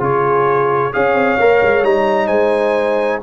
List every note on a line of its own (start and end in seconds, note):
0.00 0.92 C#3
0.00 0.92 F4
0.00 0.93 G#4
0.00 0.94 C#5
0.93 1.14 C#4
0.93 1.38 G#4
0.93 2.27 C#5
0.93 1.85 F5
1.14 1.37 C4
1.39 1.62 A#3
1.39 1.84 A#4
1.62 1.83 G#3
1.83 2.28 G3
1.83 3.22 D#4
1.83 2.27 A#5
2.27 3.20 G#3
2.27 3.19 C5
2.27 3.19 G#5